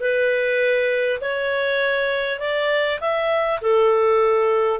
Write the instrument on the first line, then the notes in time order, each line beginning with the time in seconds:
clarinet
0.00 B4
1.21 C#5
2.40 D5
3.01 E5
3.61 A4